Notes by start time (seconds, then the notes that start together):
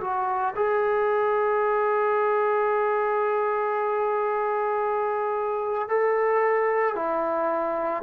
0.00 F#4
0.55 G#4
5.88 A4
6.95 E4